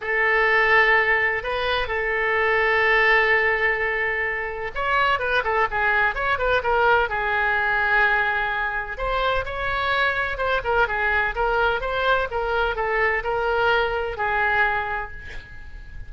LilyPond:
\new Staff \with { instrumentName = "oboe" } { \time 4/4 \tempo 4 = 127 a'2. b'4 | a'1~ | a'2 cis''4 b'8 a'8 | gis'4 cis''8 b'8 ais'4 gis'4~ |
gis'2. c''4 | cis''2 c''8 ais'8 gis'4 | ais'4 c''4 ais'4 a'4 | ais'2 gis'2 | }